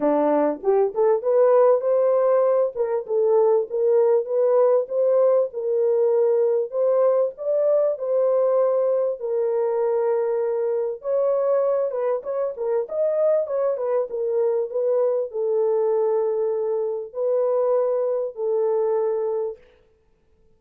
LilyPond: \new Staff \with { instrumentName = "horn" } { \time 4/4 \tempo 4 = 98 d'4 g'8 a'8 b'4 c''4~ | c''8 ais'8 a'4 ais'4 b'4 | c''4 ais'2 c''4 | d''4 c''2 ais'4~ |
ais'2 cis''4. b'8 | cis''8 ais'8 dis''4 cis''8 b'8 ais'4 | b'4 a'2. | b'2 a'2 | }